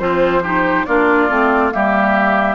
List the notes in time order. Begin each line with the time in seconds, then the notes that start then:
0.00 F3 C4 F4 C5
0.44 D#4 G4
0.86 A#3 D4 F4 D5
1.29 A3 C4
1.71 G3 A#3 G4 E5